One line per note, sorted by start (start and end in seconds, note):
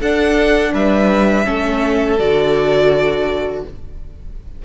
0.00 0.73 D4
0.00 1.45 D4
0.00 0.72 A4
0.00 0.74 F#5
0.74 1.46 G3
0.74 1.46 B4
0.74 2.19 E5
1.45 2.19 A3
1.45 2.17 C#4
1.45 3.63 A4
2.19 3.64 D3
2.19 3.65 F#4
2.19 3.64 D5